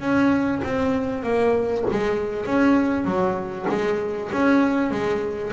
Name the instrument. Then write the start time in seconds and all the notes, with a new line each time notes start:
double bass
0.00 C#4
0.64 C4
1.23 A#3
1.91 G#3
2.46 C#4
3.05 F#3
3.69 G#3
4.32 C#4
4.91 G#3